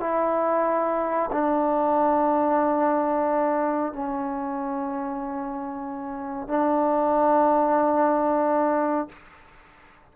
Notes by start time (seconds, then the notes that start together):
0.00 E4
1.32 D4
3.93 C#4
6.48 D4